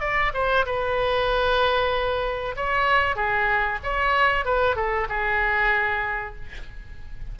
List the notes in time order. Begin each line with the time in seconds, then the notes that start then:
0.00 D5
0.34 C5
0.65 B4
2.56 C#5
3.15 G#4
3.83 C#5
4.45 B4
4.75 A4
5.09 G#4